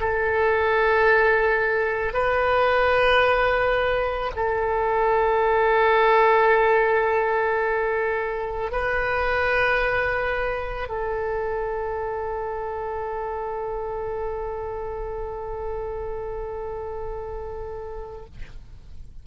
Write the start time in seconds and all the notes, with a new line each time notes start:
0.00 A4
2.13 B4
4.36 A4
8.72 B4
10.88 A4